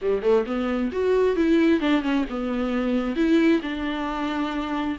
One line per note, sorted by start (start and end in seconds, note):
0.01 0.22 G3
0.22 0.44 A3
0.46 0.91 B3
0.92 1.36 F#4
1.36 1.80 E4
1.80 2.02 D4
2.02 2.24 C#4
2.29 3.15 B3
3.15 3.60 E4
3.62 4.97 D4